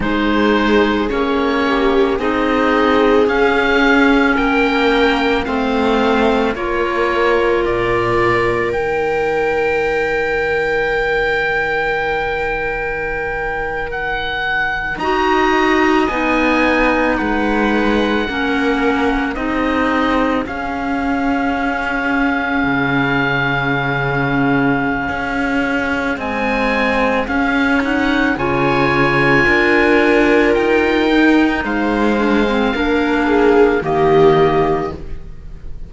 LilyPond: <<
  \new Staff \with { instrumentName = "oboe" } { \time 4/4 \tempo 4 = 55 c''4 cis''4 dis''4 f''4 | g''4 f''4 cis''4 d''4 | g''1~ | g''8. fis''4 ais''4 gis''4 fis''16~ |
fis''4.~ fis''16 dis''4 f''4~ f''16~ | f''1 | gis''4 f''8 fis''8 gis''2 | g''4 f''2 dis''4 | }
  \new Staff \with { instrumentName = "viola" } { \time 4/4 gis'4. g'8 gis'2 | ais'4 c''4 ais'2~ | ais'1~ | ais'4.~ ais'16 dis''2 b'16~ |
b'8. ais'4 gis'2~ gis'16~ | gis'1~ | gis'2 cis''4 ais'4~ | ais'4 c''4 ais'8 gis'8 g'4 | }
  \new Staff \with { instrumentName = "clarinet" } { \time 4/4 dis'4 cis'4 dis'4 cis'4~ | cis'4 c'4 f'2 | dis'1~ | dis'4.~ dis'16 fis'4 dis'4~ dis'16~ |
dis'8. cis'4 dis'4 cis'4~ cis'16~ | cis'1 | gis4 cis'8 dis'8 f'2~ | f'8 dis'4 d'16 c'16 d'4 ais4 | }
  \new Staff \with { instrumentName = "cello" } { \time 4/4 gis4 ais4 c'4 cis'4 | ais4 a4 ais4 ais,4 | dis1~ | dis4.~ dis16 dis'4 b4 gis16~ |
gis8. ais4 c'4 cis'4~ cis'16~ | cis'8. cis2~ cis16 cis'4 | c'4 cis'4 cis4 d'4 | dis'4 gis4 ais4 dis4 | }
>>